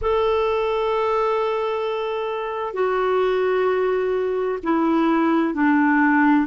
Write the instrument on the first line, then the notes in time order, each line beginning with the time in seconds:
clarinet
0.01 A4
2.73 F#4
4.63 E4
5.54 D4